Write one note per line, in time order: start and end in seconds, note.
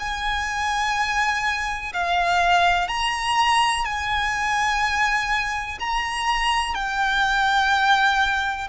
0.00 1.94 G#5
1.94 2.89 F5
2.89 3.85 A#5
3.85 5.79 G#5
5.80 6.75 A#5
6.75 8.68 G5